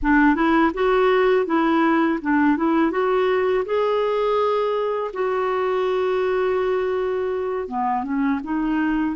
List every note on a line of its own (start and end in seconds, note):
0.02 0.35 D4
0.35 0.72 E4
0.74 1.46 F#4
1.46 2.19 E4
2.22 2.56 D4
2.56 2.91 E4
2.91 3.64 F#4
3.65 5.11 G#4
5.13 7.68 F#4
7.68 8.03 B3
8.03 8.40 C#4
8.43 9.16 D#4